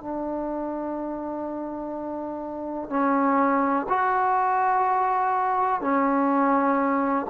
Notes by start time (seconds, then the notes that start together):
0.00 D4
2.89 C#4
3.88 F#4
5.81 C#4